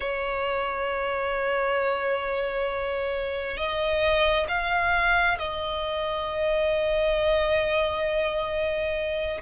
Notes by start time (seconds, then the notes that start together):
0.00 C#5
3.57 D#5
4.48 F5
5.38 D#5